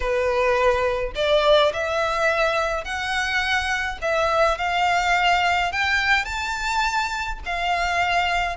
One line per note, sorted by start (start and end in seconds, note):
0.00 1.12 B4
1.15 1.72 D5
1.73 2.84 E5
2.84 3.98 F#5
4.01 4.58 E5
4.58 5.72 F5
5.72 6.24 G5
6.24 7.39 A5
7.45 8.56 F5